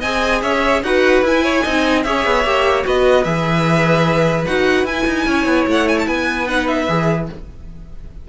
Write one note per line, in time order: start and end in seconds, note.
0.00 0.43 C4
0.00 0.84 G#4
0.00 0.40 D#5
0.00 0.42 G#5
0.42 0.83 C#4
0.42 0.83 C#5
0.42 0.82 E5
0.83 1.22 D#4
0.83 1.24 F#4
0.83 1.44 B4
0.83 1.23 F#5
1.22 1.63 E4
1.22 1.64 E4
1.22 2.03 G#5
1.44 1.63 C#5
1.63 2.06 C4
1.63 2.05 D#4
1.63 2.03 D#5
2.03 2.26 C#4
2.03 2.45 G#4
2.03 2.86 C#5
2.03 2.83 E5
2.26 2.44 B3
2.44 2.84 A#3
2.44 2.83 G4
2.83 3.25 B3
2.83 3.23 F#4
2.83 5.28 B4
2.83 3.24 D#5
3.24 4.46 E3
3.24 4.46 G#4
3.24 4.45 E5
4.46 4.84 D#4
4.46 4.86 F#4
4.46 4.86 F#5
4.84 5.05 E4
4.84 6.47 E4
4.84 5.67 G#5
5.07 5.27 D#4
5.27 5.45 C#4
5.27 6.06 C#5
5.45 5.66 B3
5.67 6.07 A3
5.67 5.88 F#5
5.88 5.98 G#5
5.99 6.07 A5
6.06 6.87 B3
6.06 7.27 B4
6.06 6.48 G#5
6.47 6.87 D#4
6.47 6.68 F#5
6.68 7.28 E5
6.88 7.29 E3
6.88 7.28 G#4